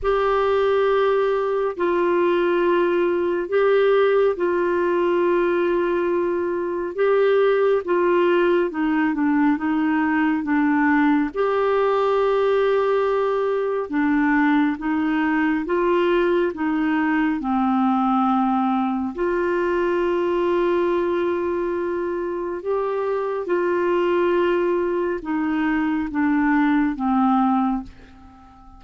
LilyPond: \new Staff \with { instrumentName = "clarinet" } { \time 4/4 \tempo 4 = 69 g'2 f'2 | g'4 f'2. | g'4 f'4 dis'8 d'8 dis'4 | d'4 g'2. |
d'4 dis'4 f'4 dis'4 | c'2 f'2~ | f'2 g'4 f'4~ | f'4 dis'4 d'4 c'4 | }